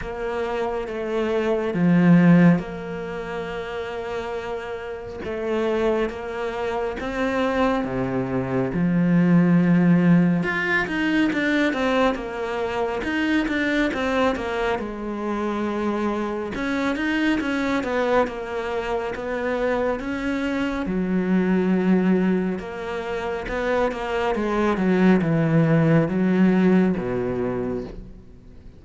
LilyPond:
\new Staff \with { instrumentName = "cello" } { \time 4/4 \tempo 4 = 69 ais4 a4 f4 ais4~ | ais2 a4 ais4 | c'4 c4 f2 | f'8 dis'8 d'8 c'8 ais4 dis'8 d'8 |
c'8 ais8 gis2 cis'8 dis'8 | cis'8 b8 ais4 b4 cis'4 | fis2 ais4 b8 ais8 | gis8 fis8 e4 fis4 b,4 | }